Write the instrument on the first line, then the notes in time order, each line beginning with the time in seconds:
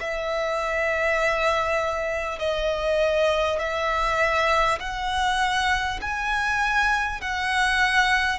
violin
0.00 E5
2.39 D#5
3.59 E5
4.79 F#5
6.02 G#5
7.21 F#5